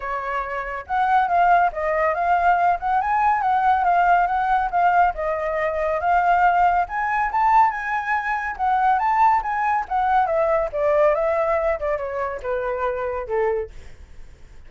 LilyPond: \new Staff \with { instrumentName = "flute" } { \time 4/4 \tempo 4 = 140 cis''2 fis''4 f''4 | dis''4 f''4. fis''8 gis''4 | fis''4 f''4 fis''4 f''4 | dis''2 f''2 |
gis''4 a''4 gis''2 | fis''4 a''4 gis''4 fis''4 | e''4 d''4 e''4. d''8 | cis''4 b'2 a'4 | }